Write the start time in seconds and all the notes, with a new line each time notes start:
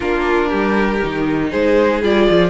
0.00 A#3 D4 F4 A#4
0.48 G3 G4
1.02 D#3 D#4
1.50 G#3 G#4 C5
2.03 G3 F4 D5
2.30 F3